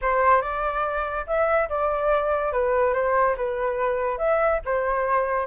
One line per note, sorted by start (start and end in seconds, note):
0.01 0.41 C5
0.41 1.25 D5
1.27 1.69 E5
1.69 2.52 D5
2.52 2.93 B4
2.93 3.35 C5
3.37 4.17 B4
4.17 4.59 E5
4.65 5.46 C5